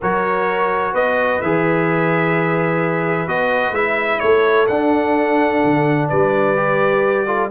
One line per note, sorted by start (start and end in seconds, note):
0.01 0.93 F#3
0.01 1.42 F#4
0.01 0.93 A#4
0.01 0.94 C#5
0.93 1.40 B3
0.93 4.21 B4
0.93 1.41 D#5
1.41 3.27 E3
1.41 3.27 G#4
1.41 3.28 E5
3.27 3.71 B3
3.27 3.73 F#4
3.27 3.74 D#5
3.71 4.18 G#3
3.71 4.67 E4
3.71 4.19 E5
4.19 4.68 A3
4.19 6.08 A4
4.19 4.66 C#5
4.67 5.62 D4
4.67 6.56 D4
4.67 6.08 F#5
5.63 6.10 D3
6.08 7.50 G3
6.08 7.26 B4
6.08 7.50 D5
6.56 7.26 G4
7.26 7.50 F4
7.26 7.49 A4